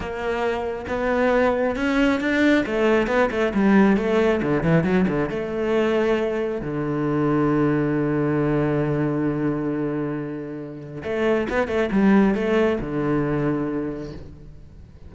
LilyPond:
\new Staff \with { instrumentName = "cello" } { \time 4/4 \tempo 4 = 136 ais2 b2 | cis'4 d'4 a4 b8 a8 | g4 a4 d8 e8 fis8 d8 | a2. d4~ |
d1~ | d1~ | d4 a4 b8 a8 g4 | a4 d2. | }